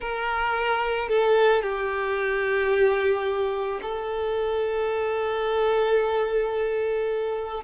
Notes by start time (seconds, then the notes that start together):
0.00 A#4
1.09 A4
1.62 G4
3.82 A4